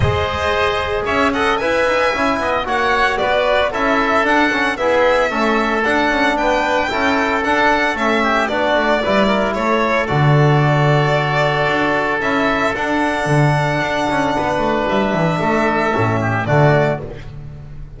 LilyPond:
<<
  \new Staff \with { instrumentName = "violin" } { \time 4/4 \tempo 4 = 113 dis''2 e''8 fis''8 gis''4~ | gis''4 fis''4 d''4 e''4 | fis''4 e''2 fis''4 | g''2 fis''4 e''4 |
d''2 cis''4 d''4~ | d''2. e''4 | fis''1 | e''2. d''4 | }
  \new Staff \with { instrumentName = "oboe" } { \time 4/4 c''2 cis''8 dis''8 e''4~ | e''8 dis''8 cis''4 b'4 a'4~ | a'4 gis'4 a'2 | b'4 a'2~ a'8 g'8 |
fis'4 b'8 ais'8 a'2~ | a'1~ | a'2. b'4~ | b'4 a'4. g'8 fis'4 | }
  \new Staff \with { instrumentName = "trombone" } { \time 4/4 gis'2~ gis'8 a'8 b'4 | e'4 fis'2 e'4 | d'8 cis'8 b4 cis'4 d'4~ | d'4 e'4 d'4 cis'4 |
d'4 e'2 fis'4~ | fis'2. e'4 | d'1~ | d'2 cis'4 a4 | }
  \new Staff \with { instrumentName = "double bass" } { \time 4/4 gis2 cis'4 e'8 dis'8 | cis'8 b8 ais4 b4 cis'4 | d'4 e'4 a4 d'8 cis'8 | b4 cis'4 d'4 a4 |
b8 a8 g4 a4 d4~ | d2 d'4 cis'4 | d'4 d4 d'8 cis'8 b8 a8 | g8 e8 a4 a,4 d4 | }
>>